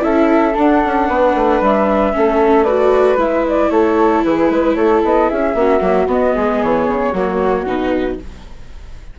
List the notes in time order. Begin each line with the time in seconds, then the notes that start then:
0.00 C#4 E4 A4 E5
0.55 D4 F#5
0.85 C#4
1.08 B3 B4
1.35 A3
1.61 G3 E5
2.13 A3 C#4 A4
2.64 F#4 B4 D5
3.17 G#3 E4 E5
3.48 D5
3.70 A3 A4 C#5
4.24 E3 G#4 B4
4.50 G#3 B4
4.75 A3 A4 C#5
5.04 B3 D#5
5.29 C#4 G#4 E5
5.54 A#3 C#4 F#4
5.80 F#3 A#3
6.06 B3 D#5
6.35 G#3 G#4
6.63 E3 C#5
6.87 C#3
7.12 F#3 A#3 F#4
7.66 B2 D#4 B4